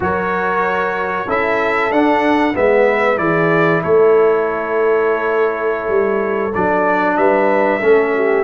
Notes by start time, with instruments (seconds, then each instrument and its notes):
0.00 tuba F#3, trombone F#4, horn A#4, trumpet C#5
1.27 tuba C#4, trombone E4, horn A4, trumpet E5
1.90 tuba D4, trombone D4, trumpet F#5
2.54 tuba G#3, trombone B3, horn B4, trumpet E5
3.16 tuba E3, trombone E4, horn G#4, trumpet D5
3.82 tuba A3, horn A4, trumpet C#5
5.88 tuba G3
6.54 tuba F#3, trombone D4, trumpet D5
7.16 tuba G3, horn B4, trumpet E5
7.79 tuba A3, trombone C#4, horn A4
8.14 horn G4